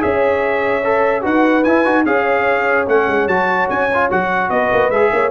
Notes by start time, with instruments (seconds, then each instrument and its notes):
0.00 tuba C#4, trombone G#4, horn C#5, trumpet E5
0.84 trombone A4
1.21 tuba D#4, trombone F#4, horn B4, trumpet F#5
1.63 tuba E4, trombone E4, trumpet G#5
1.85 tuba D#4, trombone F#4
2.05 tuba C#4, trombone G#4, horn C#5, trumpet F5
2.87 tuba A3, trombone C#4, trumpet F#5
3.08 tuba G#3
3.26 tuba F#3, trombone F#4, trumpet A5
3.69 tuba C#4, trumpet G#5
3.93 trombone F4
4.10 tuba F#3, trombone F#4, trumpet F#5
4.49 tuba B3, horn B4, trumpet D#5
4.72 tuba A#3
4.89 tuba G#3, trombone G#4, trumpet E5
5.12 tuba A#3, horn C#5